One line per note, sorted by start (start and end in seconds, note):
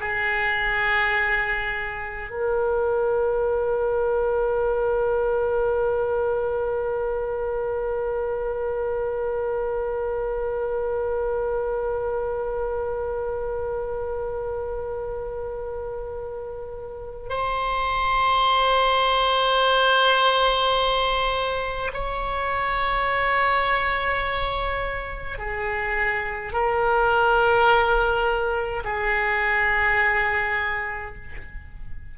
0.00 2.30 G#4
2.30 17.29 A#4
17.29 21.91 C5
21.93 25.38 C#5
25.38 26.52 G#4
26.52 28.83 A#4
28.84 31.15 G#4